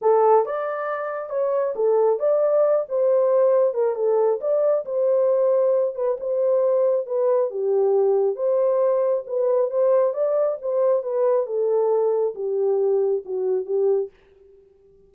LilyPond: \new Staff \with { instrumentName = "horn" } { \time 4/4 \tempo 4 = 136 a'4 d''2 cis''4 | a'4 d''4. c''4.~ | c''8 ais'8 a'4 d''4 c''4~ | c''4. b'8 c''2 |
b'4 g'2 c''4~ | c''4 b'4 c''4 d''4 | c''4 b'4 a'2 | g'2 fis'4 g'4 | }